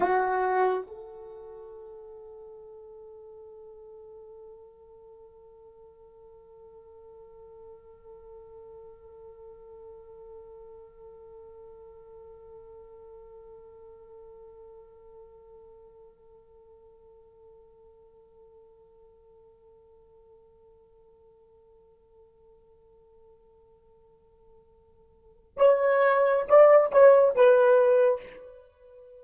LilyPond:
\new Staff \with { instrumentName = "horn" } { \time 4/4 \tempo 4 = 68 fis'4 a'2.~ | a'1~ | a'1~ | a'1~ |
a'1~ | a'1~ | a'1~ | a'4 cis''4 d''8 cis''8 b'4 | }